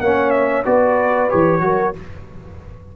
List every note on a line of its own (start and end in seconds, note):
0.00 0.65 A#3
0.00 0.64 C#4
0.00 0.64 C#5
0.00 0.30 F#5
0.30 0.62 E5
0.64 1.30 B3
0.64 1.29 F#4
0.64 1.61 B4
0.64 1.30 D5
1.29 1.60 E3
1.29 1.60 G4
1.29 1.94 C#5
1.60 1.93 F#3
1.60 1.93 F#4
1.60 1.96 A#4